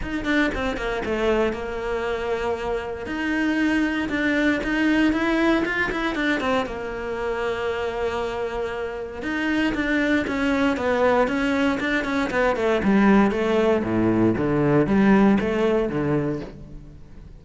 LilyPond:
\new Staff \with { instrumentName = "cello" } { \time 4/4 \tempo 4 = 117 dis'8 d'8 c'8 ais8 a4 ais4~ | ais2 dis'2 | d'4 dis'4 e'4 f'8 e'8 | d'8 c'8 ais2.~ |
ais2 dis'4 d'4 | cis'4 b4 cis'4 d'8 cis'8 | b8 a8 g4 a4 a,4 | d4 g4 a4 d4 | }